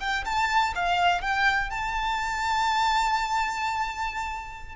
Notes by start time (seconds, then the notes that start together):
0.00 G5
0.25 A5
0.75 F5
1.22 G5
1.71 A5